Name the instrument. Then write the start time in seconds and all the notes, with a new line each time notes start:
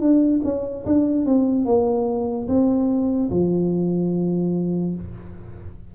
tuba
0.00 D4
0.44 C#4
0.86 D4
1.26 C4
1.66 A#3
2.48 C4
3.31 F3